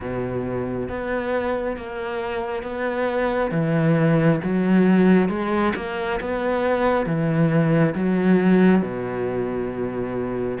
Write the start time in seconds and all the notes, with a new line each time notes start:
0.00 B2
0.88 B3
1.76 A#3
2.62 B3
3.51 E3
4.43 F#3
5.29 G#3
5.76 A#3
6.20 B3
7.06 E3
7.95 F#3
8.82 B2